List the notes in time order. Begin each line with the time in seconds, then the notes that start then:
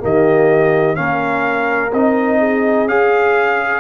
0.00 D#3 A#3 G4 D#5
0.95 A#3 C#4 A#4 F5
1.93 C4 D#4 D#5
2.39 G#4
2.86 C#4 G#4 F5